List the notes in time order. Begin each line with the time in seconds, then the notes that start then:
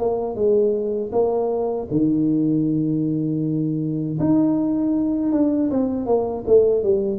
0.00 A#3
0.36 G#3
1.12 A#3
1.91 D#3
4.20 D#4
5.33 D4
5.71 C4
6.07 A#3
6.47 A3
6.84 G3